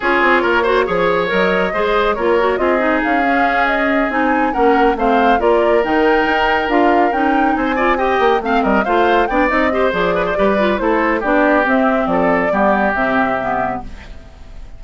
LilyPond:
<<
  \new Staff \with { instrumentName = "flute" } { \time 4/4 \tempo 4 = 139 cis''2. dis''4~ | dis''4 cis''4 dis''4 f''4~ | f''8 dis''4 gis''4 fis''4 f''8~ | f''8 d''4 g''2 f''8~ |
f''8 g''4 gis''4 g''4 f''8 | dis''8 f''4 g''8 dis''4 d''4~ | d''4 c''4 d''4 e''4 | d''2 e''2 | }
  \new Staff \with { instrumentName = "oboe" } { \time 4/4 gis'4 ais'8 c''8 cis''2 | c''4 ais'4 gis'2~ | gis'2~ gis'8 ais'4 c''8~ | c''8 ais'2.~ ais'8~ |
ais'4. c''8 d''8 dis''4 f''8 | ais'8 c''4 d''4 c''4 b'16 c''16 | b'4 a'4 g'2 | a'4 g'2. | }
  \new Staff \with { instrumentName = "clarinet" } { \time 4/4 f'4. fis'8 gis'4 ais'4 | gis'4 f'8 fis'8 f'8 dis'4 cis'8~ | cis'4. dis'4 cis'4 c'8~ | c'8 f'4 dis'2 f'8~ |
f'8 dis'4. f'8 g'4 c'8~ | c'8 f'4 d'8 dis'8 g'8 gis'4 | g'8 f'8 e'4 d'4 c'4~ | c'4 b4 c'4 b4 | }
  \new Staff \with { instrumentName = "bassoon" } { \time 4/4 cis'8 c'8 ais4 f4 fis4 | gis4 ais4 c'4 cis'4~ | cis'4. c'4 ais4 a8~ | a8 ais4 dis4 dis'4 d'8~ |
d'8 cis'4 c'4. ais8 a8 | g8 a4 b8 c'4 f4 | g4 a4 b4 c'4 | f4 g4 c2 | }
>>